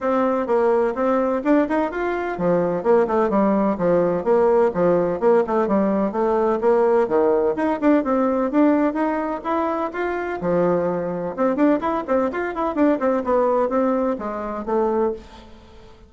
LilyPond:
\new Staff \with { instrumentName = "bassoon" } { \time 4/4 \tempo 4 = 127 c'4 ais4 c'4 d'8 dis'8 | f'4 f4 ais8 a8 g4 | f4 ais4 f4 ais8 a8 | g4 a4 ais4 dis4 |
dis'8 d'8 c'4 d'4 dis'4 | e'4 f'4 f2 | c'8 d'8 e'8 c'8 f'8 e'8 d'8 c'8 | b4 c'4 gis4 a4 | }